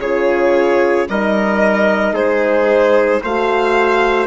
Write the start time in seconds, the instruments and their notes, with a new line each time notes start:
0.00 bassoon C#3, horn F4, trumpet G#4, violin C#5
1.09 bassoon G3, horn D#4, trumpet A#4, violin D#5
2.13 bassoon G#3, trumpet G#4, violin C5
3.23 bassoon A3, horn F#4, trumpet C5, violin F5